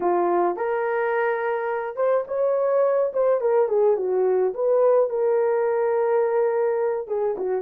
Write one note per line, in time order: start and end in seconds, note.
0.00 0.56 F4
0.56 1.96 A#4
1.96 2.24 C5
2.27 3.12 C#5
3.13 3.40 C5
3.40 3.68 A#4
3.68 3.96 G#4
3.96 4.53 F#4
4.54 5.09 B4
5.09 7.07 A#4
7.07 7.36 G#4
7.37 7.62 F#4